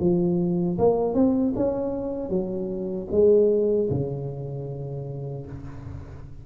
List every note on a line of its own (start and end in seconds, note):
0.00 0.78 F3
0.78 1.14 A#3
1.14 1.53 C4
1.56 2.30 C#4
2.30 3.07 F#3
3.11 3.89 G#3
3.90 5.46 C#3